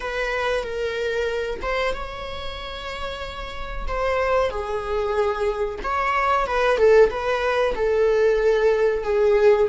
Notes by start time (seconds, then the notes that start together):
0.00 B4
0.63 A#4
1.61 C5
1.93 C#5
3.87 C5
4.50 G#4
5.83 C#5
6.46 B4
6.77 A4
7.10 B4
7.75 A4
9.03 G#4